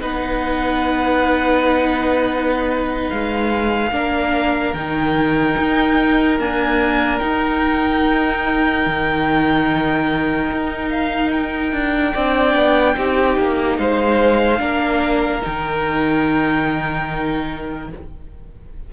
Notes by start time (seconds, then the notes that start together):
0.00 B3 D#4 B4 F#5
3.09 G#3 F5
3.91 A#3 D4 A#4
4.73 D#3 D#4 G5
5.58 D#4
6.39 A#3 D4 G#5
7.19 D#4 G5
8.86 D#3
10.51 D#4
10.89 F5
11.31 G5
11.72 D4
12.13 C4 D4 D5
12.54 B3
12.96 C4 D#4 G4
13.37 A#3
13.78 G#3 C5 F5
14.58 A#3 D4 A#4
15.41 D#3 D#4 G5